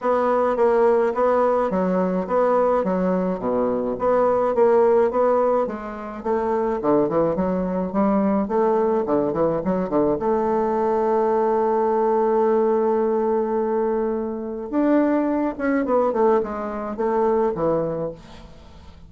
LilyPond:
\new Staff \with { instrumentName = "bassoon" } { \time 4/4 \tempo 4 = 106 b4 ais4 b4 fis4 | b4 fis4 b,4 b4 | ais4 b4 gis4 a4 | d8 e8 fis4 g4 a4 |
d8 e8 fis8 d8 a2~ | a1~ | a2 d'4. cis'8 | b8 a8 gis4 a4 e4 | }